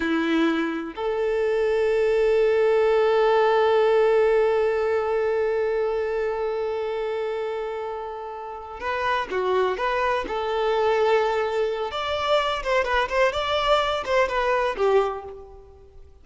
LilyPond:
\new Staff \with { instrumentName = "violin" } { \time 4/4 \tempo 4 = 126 e'2 a'2~ | a'1~ | a'1~ | a'1~ |
a'2~ a'8 b'4 fis'8~ | fis'8 b'4 a'2~ a'8~ | a'4 d''4. c''8 b'8 c''8 | d''4. c''8 b'4 g'4 | }